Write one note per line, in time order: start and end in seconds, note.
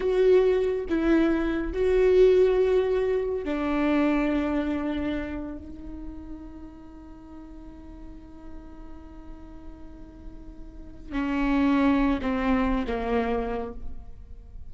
0.00 0.85 F#4
0.89 1.73 E4
1.73 3.44 F#4
3.44 5.57 D4
5.57 11.12 D#4
11.12 12.19 C#4
12.21 12.85 C4
12.87 13.73 A#3